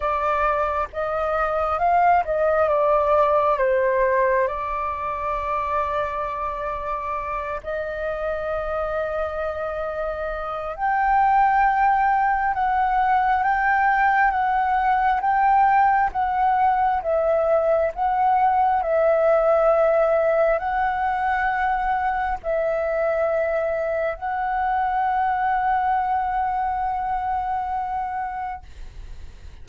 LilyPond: \new Staff \with { instrumentName = "flute" } { \time 4/4 \tempo 4 = 67 d''4 dis''4 f''8 dis''8 d''4 | c''4 d''2.~ | d''8 dis''2.~ dis''8 | g''2 fis''4 g''4 |
fis''4 g''4 fis''4 e''4 | fis''4 e''2 fis''4~ | fis''4 e''2 fis''4~ | fis''1 | }